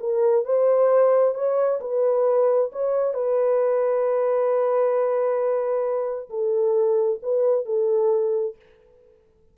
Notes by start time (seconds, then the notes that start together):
0.00 A#4
0.45 C5
1.35 C#5
1.81 B4
2.73 C#5
3.14 B4
6.30 A4
7.23 B4
7.66 A4